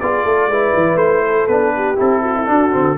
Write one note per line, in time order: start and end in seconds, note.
0.00 0.25 B3
0.00 0.52 F4
0.00 0.25 G#4
0.00 0.97 D5
0.25 0.47 A3
0.25 0.50 A4
0.47 0.72 G#3
0.47 1.50 E4
0.47 1.25 B4
0.76 0.96 E3
0.96 1.46 A3
0.96 1.47 C5
1.25 1.75 A4
1.47 1.98 B3
1.47 1.96 D4
1.47 1.97 B4
1.75 2.23 G4
1.96 2.49 C4
1.96 2.45 E4
1.96 2.98 A4
2.23 2.35 F#4
2.36 2.49 E4
2.46 2.71 D4
2.46 2.74 D4
2.46 2.98 F#4
2.71 2.98 D3
2.71 2.96 C4